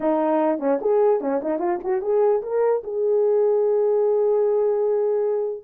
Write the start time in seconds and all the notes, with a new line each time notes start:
0.00 D#4
0.59 C#4
0.81 G#4
1.20 C#4
1.41 D#4
1.59 F4
1.83 F#4
2.01 G#4
2.42 A#4
2.83 G#4